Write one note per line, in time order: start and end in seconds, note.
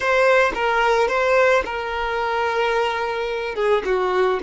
0.00 0.52 C5
0.54 1.08 A#4
1.08 1.63 C5
1.65 3.55 A#4
3.55 3.82 G#4
3.85 4.40 F#4